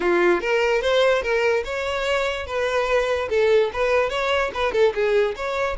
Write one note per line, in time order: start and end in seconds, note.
0.00 0.41 F4
0.41 0.81 A#4
0.81 1.22 C5
1.22 1.63 A#4
1.64 2.46 C#5
2.46 3.28 B4
3.29 3.70 A4
3.73 4.09 B4
4.09 4.50 C#5
4.53 4.72 B4
4.72 4.93 A4
4.94 5.35 G#4
5.35 5.76 C#5